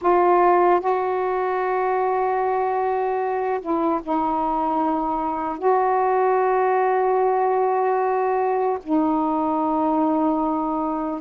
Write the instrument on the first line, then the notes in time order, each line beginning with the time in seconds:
saxophone
0.01 F4
0.80 F#4
3.60 E4
4.03 D#4
5.58 F#4
8.83 D#4